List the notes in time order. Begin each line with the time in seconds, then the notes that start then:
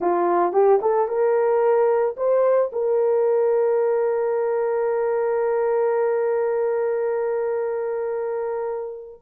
0.00 F4
0.52 G4
0.81 A4
1.08 A#4
2.16 C5
2.72 A#4